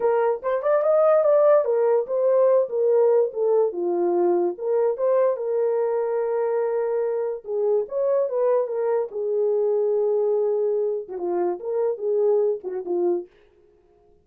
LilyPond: \new Staff \with { instrumentName = "horn" } { \time 4/4 \tempo 4 = 145 ais'4 c''8 d''8 dis''4 d''4 | ais'4 c''4. ais'4. | a'4 f'2 ais'4 | c''4 ais'2.~ |
ais'2 gis'4 cis''4 | b'4 ais'4 gis'2~ | gis'2~ gis'8. fis'16 f'4 | ais'4 gis'4. fis'8 f'4 | }